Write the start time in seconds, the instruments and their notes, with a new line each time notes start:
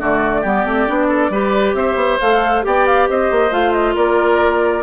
0.00 bassoon D3, clarinet A3, oboe F#4, flute D5
0.41 bassoon G3, clarinet B3, oboe G4
0.65 bassoon A3, clarinet C4
0.88 bassoon B3, clarinet D4
1.08 oboe A4
1.30 bassoon G3, clarinet G4, oboe B4
1.74 bassoon C4, oboe C5, flute E5
1.95 bassoon B3
2.20 bassoon A3, clarinet A4, flute F5
2.62 bassoon B3, clarinet G4, oboe D5, flute G5
2.87 flute F5
3.09 bassoon C4, oboe C5, flute D#5
3.31 bassoon A#3
3.51 bassoon A3, clarinet F4, flute F5
3.73 flute D#5
3.95 bassoon A#3, oboe A#4, flute D5